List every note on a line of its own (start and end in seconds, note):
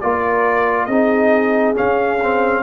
0.00 0.87 A#3
0.00 0.89 F4
0.00 0.87 A#4
0.00 0.85 D5
0.85 1.75 C4
0.85 1.74 D#4
0.85 2.62 G#4
0.85 1.73 D#5
1.74 2.18 C#4
1.74 2.62 C#4
1.74 2.62 F5
2.22 2.62 C4